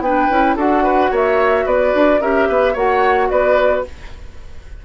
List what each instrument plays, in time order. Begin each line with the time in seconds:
0.00 bassoon B3, clarinet D4, oboe B4, flute G5
0.30 bassoon C#4, clarinet E4
0.56 bassoon D4, clarinet F#4, oboe A4, flute F#5
0.83 oboe B4
1.11 bassoon A#3, oboe C#5, flute E5
1.66 bassoon B3, oboe B4, flute D5
1.95 bassoon D4
2.21 bassoon C#4, clarinet G4, oboe A#4, flute E5
2.49 bassoon B3, oboe B4
2.73 bassoon A#3, clarinet F#4, oboe C#5, flute F#5
3.30 bassoon B3, oboe B4, flute D5